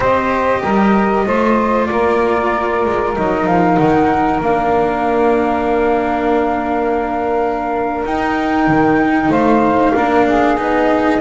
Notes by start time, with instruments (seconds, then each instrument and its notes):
0.00 double bass C4, cello G4, saxophone C5, flute D#5
0.63 double bass G3, saxophone A#4
1.26 double bass A3, cello F4, saxophone C5
1.85 double bass A#3, saxophone A#4, flute D5
2.85 double bass G#3
3.16 double bass F#3, cello D#4, flute D#5
3.46 double bass F3, flute F5
3.76 double bass D#3, flute F#5
4.40 double bass A#3, cello D4, flute F5
8.05 double bass D#4, cello D#4, flute G5
8.67 double bass D#3
9.28 double bass A3, saxophone C5, flute F5
9.95 double bass A#3, cello D4, saxophone A#4
10.26 saxophone G#4
10.57 double bass B3, cello D#4, flute D#5